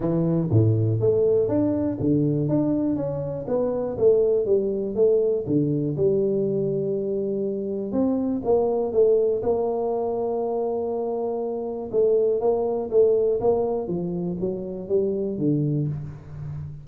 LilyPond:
\new Staff \with { instrumentName = "tuba" } { \time 4/4 \tempo 4 = 121 e4 a,4 a4 d'4 | d4 d'4 cis'4 b4 | a4 g4 a4 d4 | g1 |
c'4 ais4 a4 ais4~ | ais1 | a4 ais4 a4 ais4 | f4 fis4 g4 d4 | }